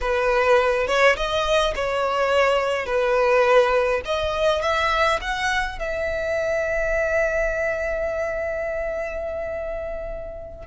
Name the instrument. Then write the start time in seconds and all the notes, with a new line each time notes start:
violin
0.01 B4
0.87 C#5
1.16 D#5
1.75 C#5
2.86 B4
4.05 D#5
4.62 E5
5.21 F#5
5.78 E5